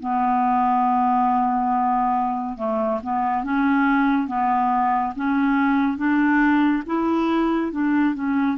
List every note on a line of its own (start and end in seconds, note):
0.00 2.57 B3
2.58 3.00 A3
3.03 3.44 B3
3.44 4.28 C#4
4.28 5.14 B3
5.16 5.98 C#4
5.98 6.83 D4
6.86 7.72 E4
7.72 8.15 D4
8.15 8.58 C#4